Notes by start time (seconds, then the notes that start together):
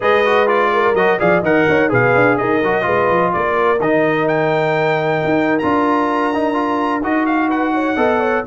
0.00 G#3 G#4 B4 D#5
0.25 F#4
0.47 F4 D5
0.73 A#4
0.94 F#3 F#4 D#5
1.19 F3 G#4 D5 F5
1.40 D#3 A#4 D#5 F#5
1.67 D#4 C#5
1.89 B2 G#4 B4 F5
2.15 D4
2.37 D#4 A#4 D#5
2.62 F#3 F#4
2.82 G#3 F4 B4
3.09 F3
3.32 A#3 A#4 D5
3.79 D#3 D#4 D#5
4.28 G5
5.24 D#4
5.58 D4 F4 A#5
6.33 D#4
6.53 F4
7.02 D#4 F#4 D#5
7.25 F5
7.48 B4 F#5
7.74 C#5
7.96 B3 A4 D#5
8.19 C#5